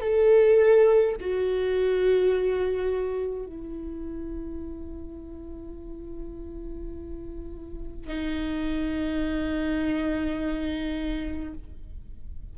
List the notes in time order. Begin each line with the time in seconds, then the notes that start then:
0.00 A4
1.20 F#4
3.45 E4
8.07 D#4